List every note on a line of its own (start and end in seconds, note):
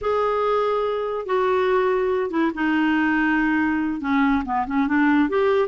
0.01 1.26 G#4
1.26 2.30 F#4
2.30 2.51 E4
2.54 4.00 D#4
4.00 4.43 C#4
4.45 4.66 B3
4.67 4.87 C#4
4.87 5.29 D4
5.29 5.68 G4